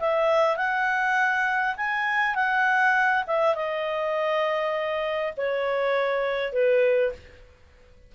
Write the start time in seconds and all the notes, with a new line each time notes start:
0.00 E5
0.57 F#5
1.77 G#5
2.35 F#5
3.28 E5
3.56 D#5
5.38 C#5
6.53 B4